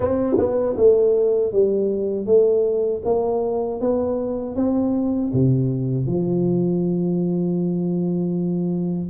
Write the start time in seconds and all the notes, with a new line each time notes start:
0.00 C4
0.38 B3
0.76 A3
1.52 G3
2.26 A3
3.04 A#3
3.80 B3
4.55 C4
5.33 C3
6.06 F3